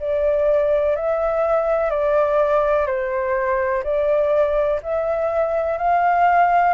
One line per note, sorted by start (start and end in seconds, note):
0.00 0.96 D5
0.96 1.90 E5
1.90 2.86 D5
2.86 3.83 C5
3.84 4.80 D5
4.83 5.78 E5
5.78 6.74 F5